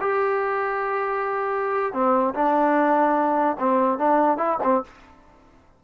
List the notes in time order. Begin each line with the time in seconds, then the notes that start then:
0.00 G4
1.93 C4
2.34 D4
3.59 C4
3.98 D4
4.37 E4
4.63 C4